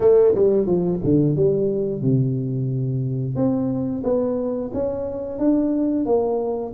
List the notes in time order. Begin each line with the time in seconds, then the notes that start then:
0.00 A3
0.35 G3
0.66 F3
1.04 D3
1.36 G3
2.01 C3
3.35 C4
4.03 B3
4.73 C#4
5.38 D4
6.05 A#3